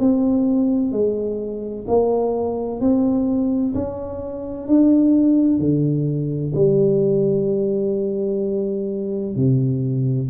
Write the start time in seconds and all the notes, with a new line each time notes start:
0.00 C4
0.92 G#3
1.88 A#3
2.81 C4
3.75 C#4
4.67 D4
5.59 D3
6.55 G3
9.36 C3